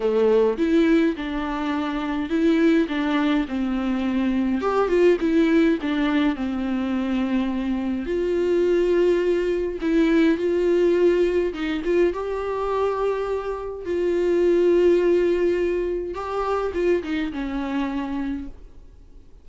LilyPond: \new Staff \with { instrumentName = "viola" } { \time 4/4 \tempo 4 = 104 a4 e'4 d'2 | e'4 d'4 c'2 | g'8 f'8 e'4 d'4 c'4~ | c'2 f'2~ |
f'4 e'4 f'2 | dis'8 f'8 g'2. | f'1 | g'4 f'8 dis'8 cis'2 | }